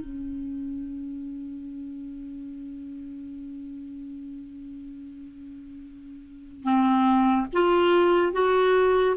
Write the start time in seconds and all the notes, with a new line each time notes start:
0.00 C#4
6.63 C4
7.53 F4
8.33 F#4